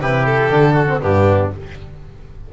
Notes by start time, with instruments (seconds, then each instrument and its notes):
0.00 double bass C3, trombone E4, oboe G4, violin B4
0.26 violin A4
0.51 double bass D3, trombone D4
0.74 oboe F#4
0.88 trombone C4
1.00 double bass G2, trombone B3, oboe D4, violin G4